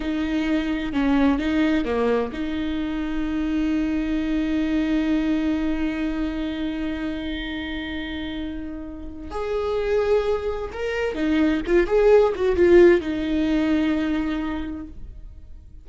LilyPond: \new Staff \with { instrumentName = "viola" } { \time 4/4 \tempo 4 = 129 dis'2 cis'4 dis'4 | ais4 dis'2.~ | dis'1~ | dis'1~ |
dis'1 | gis'2. ais'4 | dis'4 f'8 gis'4 fis'8 f'4 | dis'1 | }